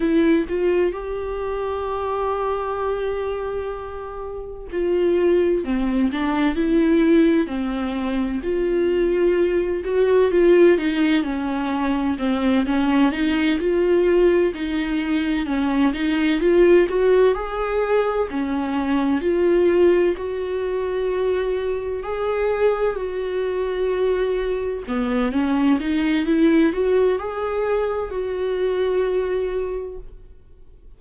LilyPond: \new Staff \with { instrumentName = "viola" } { \time 4/4 \tempo 4 = 64 e'8 f'8 g'2.~ | g'4 f'4 c'8 d'8 e'4 | c'4 f'4. fis'8 f'8 dis'8 | cis'4 c'8 cis'8 dis'8 f'4 dis'8~ |
dis'8 cis'8 dis'8 f'8 fis'8 gis'4 cis'8~ | cis'8 f'4 fis'2 gis'8~ | gis'8 fis'2 b8 cis'8 dis'8 | e'8 fis'8 gis'4 fis'2 | }